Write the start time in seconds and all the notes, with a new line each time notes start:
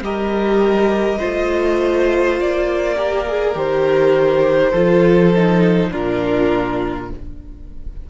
0.00 G3 G4 A#4 D#5
1.18 A3 F4 C5
2.40 A#3 D5
2.95 G4 A#4
3.27 G#4
3.54 D#3 G4 C5
4.71 F3 F4 A4
5.35 D#4
5.90 A#2 D4 F4 A#4